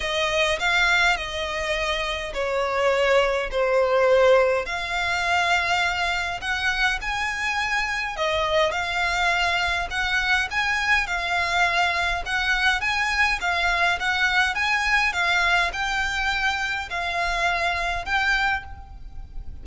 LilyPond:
\new Staff \with { instrumentName = "violin" } { \time 4/4 \tempo 4 = 103 dis''4 f''4 dis''2 | cis''2 c''2 | f''2. fis''4 | gis''2 dis''4 f''4~ |
f''4 fis''4 gis''4 f''4~ | f''4 fis''4 gis''4 f''4 | fis''4 gis''4 f''4 g''4~ | g''4 f''2 g''4 | }